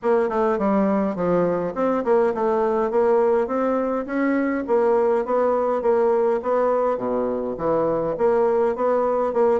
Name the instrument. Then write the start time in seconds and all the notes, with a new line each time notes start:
bassoon
0.02 A#3
0.29 A3
0.58 G3
1.15 F3
1.74 C4
2.04 A#3
2.34 A3
2.90 A#3
3.47 C4
4.05 C#4
4.67 A#3
5.25 B3
5.81 A#3
6.42 B3
6.97 B2
7.57 E3
8.17 A#3
8.75 B3
9.33 A#3